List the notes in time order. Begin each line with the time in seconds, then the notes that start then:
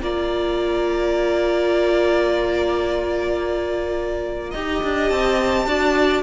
0.00 A#3 F4 D5 A#5
4.50 D#4 G4 D#5
4.83 D4
5.08 C4 A5
5.66 D4 F#4 D5